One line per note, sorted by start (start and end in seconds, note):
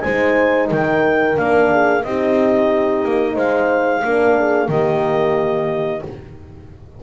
0.00 0.71 G#3
0.00 1.36 D#4
0.00 0.68 C5
0.00 0.67 G#5
0.68 1.38 D#3
0.68 1.68 A#4
0.68 1.37 G5
1.36 2.04 A#3
1.36 2.02 D4
1.36 2.03 F5
1.71 2.04 G#4
2.03 3.04 C4
2.03 4.05 D#4
2.03 3.34 G4
2.03 3.36 D#5
3.04 3.36 A#3
3.34 4.02 G#3
3.34 4.00 C5
3.34 4.69 F5
4.04 4.68 A#3
4.04 4.68 D4
4.04 4.37 A#4
4.37 4.70 G#4
4.68 6.02 D#3
4.68 6.02 A#3
4.68 6.03 G4
4.68 6.02 D#5